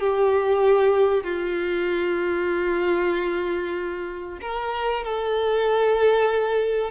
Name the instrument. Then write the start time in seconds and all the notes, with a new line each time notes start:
violin
0.00 G4
1.23 F4
4.41 A#4
5.04 A4